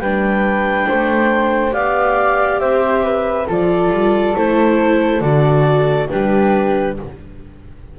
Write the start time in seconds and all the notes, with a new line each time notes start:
0.00 G3 D4 B4 G5
0.88 A3 C5
1.71 B3 G4 D5 F5
2.60 C4 C5 E5
3.04 B4
3.47 F3 F4 A4 D5
3.91 G3
4.36 A3 E4 C5
5.20 D3 F#4 D5
6.09 G3 D4 G4 B4